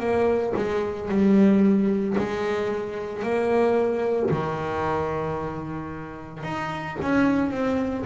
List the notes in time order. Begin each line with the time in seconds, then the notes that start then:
0.00 A#3
0.56 G#3
1.09 G3
2.18 G#3
3.23 A#3
4.31 D#3
6.43 D#4
7.02 C#4
7.51 C4